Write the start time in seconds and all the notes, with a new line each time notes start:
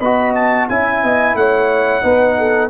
0.00 B3 F#4 D#5 B5
0.35 A5
0.69 C#4 E4 E5 G#5
1.04 B3 D#5
1.35 A3 C#5 F#5
2.02 B3 D#4 B4
2.38 A4